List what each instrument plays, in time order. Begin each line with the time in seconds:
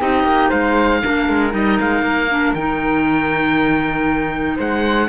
0.00 cello C4, clarinet D#4, flute G4, oboe D#5
0.24 cello A#3
0.49 cello G#3, flute C5, oboe F5
1.03 cello A#3, clarinet D4, flute A#4
1.29 cello G#3
1.51 cello G3, clarinet D#4, oboe D#5
1.80 cello G#3, oboe F5
2.02 cello A#3
2.31 clarinet D4
2.54 cello D#3, clarinet D#4, oboe G5
4.56 cello G#3, flute C5, oboe F#5